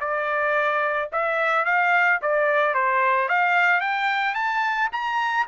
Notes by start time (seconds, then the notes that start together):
0.00 D5
1.12 E5
1.65 F5
2.21 D5
2.74 C5
3.28 F5
3.80 G5
4.34 A5
4.92 A#5